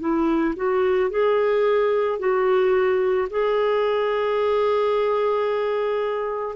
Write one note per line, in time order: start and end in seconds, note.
0.00 0.55 E4
0.56 1.10 F#4
1.10 2.19 G#4
2.19 3.28 F#4
3.31 6.56 G#4